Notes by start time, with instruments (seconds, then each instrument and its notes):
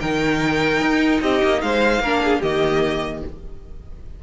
0.00 cello D#3, viola D#4, violin A#4 G5
0.81 cello D#4
1.22 cello C4, violin G4 D#5
1.43 cello A#3
1.61 cello G#3, violin C5 F5
1.99 cello A#3, viola D4, violin A#4
2.23 violin G#4
2.39 cello D#3, viola A#3, violin G4 D#5